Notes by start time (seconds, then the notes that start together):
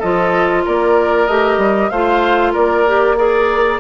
0.00 F3 F4 A4 D#5
0.65 A#3 A#4 D5
1.28 A3 G4 D#5
1.58 G3
1.90 A3 F4 C5 F5
2.53 A#3 A#4 D5
2.88 G4
3.17 G#4 A#4 D5